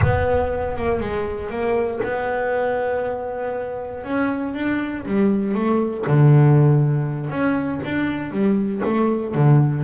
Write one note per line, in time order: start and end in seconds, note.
0.01 0.76 B3
0.76 1.00 A#3
1.00 1.49 G#3
1.49 2.00 A#3
2.03 4.04 B3
4.04 4.54 C#4
4.54 5.04 D4
5.05 5.54 G3
5.54 6.04 A3
6.06 7.29 D3
7.29 7.80 C#4
7.84 8.31 D4
8.31 8.81 G3
8.84 9.34 A3
9.34 9.83 D3